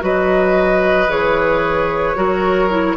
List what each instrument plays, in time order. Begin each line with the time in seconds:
0.00 bassoon F#3, clarinet F#4, oboe B4, flute D#5
1.08 bassoon E3, clarinet G#4, flute C#5
2.15 bassoon F#3, clarinet F#4, oboe A#4
2.70 clarinet E4